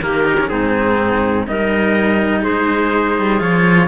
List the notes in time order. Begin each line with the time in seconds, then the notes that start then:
0.00 D#3 A#3 G4 A#4
0.24 D#4
0.40 C#4
0.49 G#2 C4 D#4 G#4
1.47 G3 D#4 A#4 D#5
2.41 G#3 G#4 C5
3.18 G3
3.39 F3 F4 C#5